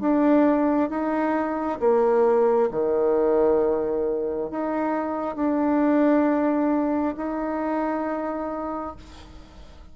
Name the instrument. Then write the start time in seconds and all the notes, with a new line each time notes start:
bassoon
0.00 D4
0.90 D#4
1.80 A#3
2.71 D#3
4.50 D#4
5.35 D4
7.17 D#4